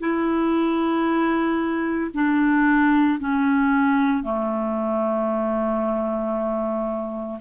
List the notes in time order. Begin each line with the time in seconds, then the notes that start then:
0.00 E4
2.14 D4
3.20 C#4
4.23 A3